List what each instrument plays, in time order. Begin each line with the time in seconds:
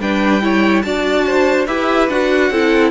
0.00 cello G3, viola D4, violin B4 G5
0.42 viola E4, violin C#5
0.82 cello D4, viola F#4, violin D5 A5
1.27 violin C5
1.67 cello E4, viola G4, violin B4 E5
2.09 cello D4, viola F#4, violin F#5
2.51 cello C4, viola E4, violin A4